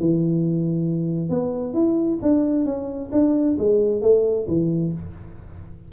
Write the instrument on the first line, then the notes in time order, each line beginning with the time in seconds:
tuba
0.00 E3
1.30 B3
1.73 E4
2.22 D4
2.65 C#4
3.11 D4
3.58 G#3
4.02 A3
4.47 E3